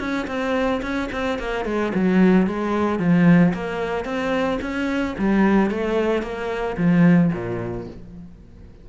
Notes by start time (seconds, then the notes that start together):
0.00 C#4
0.27 C4
0.83 C#4
1.12 C4
1.39 A#3
1.66 G#3
1.95 F#3
2.47 G#3
3.00 F3
3.54 A#3
4.05 C4
4.62 C#4
5.19 G3
5.71 A3
6.23 A#3
6.78 F3
7.33 A#2